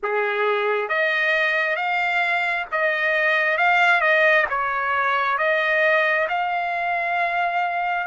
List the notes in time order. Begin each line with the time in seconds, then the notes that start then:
0.02 G#4
0.88 D#5
1.76 F5
2.71 D#5
3.57 F5
4.01 D#5
4.49 C#5
5.37 D#5
6.28 F5